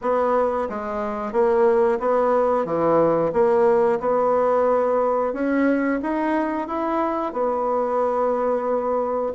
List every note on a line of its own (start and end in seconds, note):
0.02 0.68 B3
0.68 1.32 G#3
1.32 1.98 A#3
1.99 2.65 B3
2.65 3.32 E3
3.32 3.99 A#3
4.00 5.33 B3
5.33 5.99 C#4
6.02 6.67 D#4
6.67 7.32 E4
7.32 9.32 B3